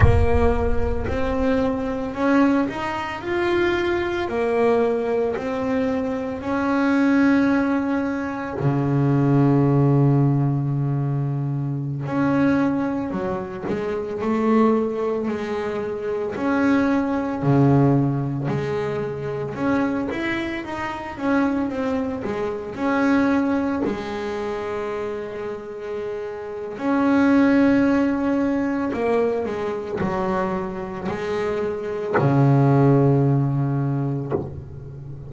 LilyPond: \new Staff \with { instrumentName = "double bass" } { \time 4/4 \tempo 4 = 56 ais4 c'4 cis'8 dis'8 f'4 | ais4 c'4 cis'2 | cis2.~ cis16 cis'8.~ | cis'16 fis8 gis8 a4 gis4 cis'8.~ |
cis'16 cis4 gis4 cis'8 e'8 dis'8 cis'16~ | cis'16 c'8 gis8 cis'4 gis4.~ gis16~ | gis4 cis'2 ais8 gis8 | fis4 gis4 cis2 | }